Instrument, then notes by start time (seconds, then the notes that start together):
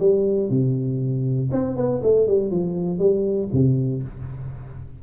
tuba
0.00 G3
0.50 C3
1.52 C4
1.77 B3
2.03 A3
2.28 G3
2.51 F3
2.99 G3
3.53 C3